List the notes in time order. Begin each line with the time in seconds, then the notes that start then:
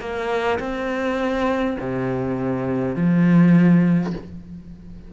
0.00 A#3
0.59 C4
1.79 C3
2.95 F3